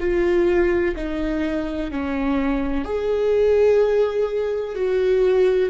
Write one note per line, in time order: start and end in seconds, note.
0.00 0.95 F4
0.96 1.91 D#4
1.91 2.85 C#4
2.85 4.75 G#4
4.75 5.70 F#4